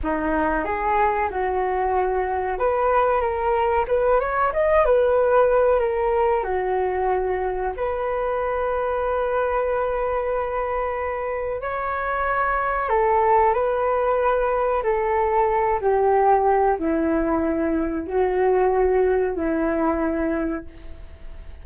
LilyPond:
\new Staff \with { instrumentName = "flute" } { \time 4/4 \tempo 4 = 93 dis'4 gis'4 fis'2 | b'4 ais'4 b'8 cis''8 dis''8 b'8~ | b'4 ais'4 fis'2 | b'1~ |
b'2 cis''2 | a'4 b'2 a'4~ | a'8 g'4. e'2 | fis'2 e'2 | }